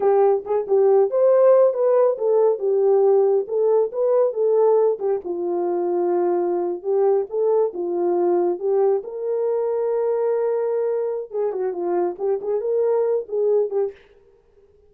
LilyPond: \new Staff \with { instrumentName = "horn" } { \time 4/4 \tempo 4 = 138 g'4 gis'8 g'4 c''4. | b'4 a'4 g'2 | a'4 b'4 a'4. g'8 | f'2.~ f'8. g'16~ |
g'8. a'4 f'2 g'16~ | g'8. ais'2.~ ais'16~ | ais'2 gis'8 fis'8 f'4 | g'8 gis'8 ais'4. gis'4 g'8 | }